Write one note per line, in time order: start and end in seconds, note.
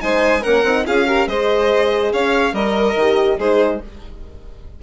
0.00 0.45 G#3
0.00 0.42 D#4
0.00 0.42 C5
0.00 0.43 G#5
0.42 0.64 A#3
0.42 0.64 C#4
0.42 0.84 A#4
0.42 0.85 F#5
0.64 0.85 C4
0.64 0.85 D#4
0.85 1.27 C#4
0.85 1.07 F4
0.85 1.07 G#4
0.85 1.28 F5
1.07 1.27 G4
1.07 1.28 A#4
1.27 2.12 G#3
1.27 2.54 G#4
1.27 2.13 C5
1.27 2.12 D#5
2.13 2.53 C#4
2.13 2.53 C#5
2.13 2.54 F5
2.53 2.95 G3
2.53 3.37 A#4
2.53 2.96 A#4
2.53 3.39 D#5
2.95 3.37 D#3
2.95 3.40 G4
3.37 3.81 G#3
3.37 3.82 D#4
3.37 3.79 G#4
3.37 3.82 C5